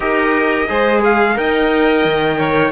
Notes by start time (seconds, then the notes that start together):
0.00 D#4 G4 A#4 D#5
0.68 G#3 G#4 C5
1.00 G#4 F5
1.34 D#4 A#4 D#5 G5
2.04 D#3
2.38 C#5